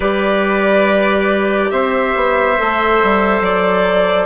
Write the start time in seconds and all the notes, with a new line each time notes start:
0.00 G3 G4 B4 D5
1.70 C4 C5 E5
2.15 B3
2.57 A3 A4
3.02 G3
3.41 F#3 D5